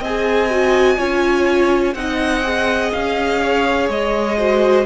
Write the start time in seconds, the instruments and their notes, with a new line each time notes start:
0.00 cello C4, viola G#4, violin D#5 G#5
0.51 viola F#4
0.97 cello C#4, viola F4, violin C#5
1.94 cello C4, viola D#4, violin D#5 F#5
2.43 viola G#4
2.93 cello C#4, violin F5
3.43 violin C#5
3.89 cello G#3, violin D#5
4.37 viola F#4, violin C5